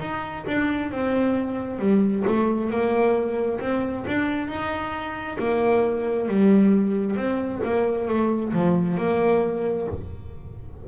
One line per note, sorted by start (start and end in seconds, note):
0.00 0.45 D#4
0.46 0.91 D4
0.91 1.78 C4
1.78 2.23 G3
2.26 2.70 A3
2.70 3.59 A#3
3.60 4.05 C4
4.07 4.47 D4
4.47 5.37 D#4
5.38 6.28 A#3
6.28 7.16 G3
7.16 7.60 C4
7.64 8.08 A#3
8.08 8.52 A3
8.53 8.97 F3
8.97 9.87 A#3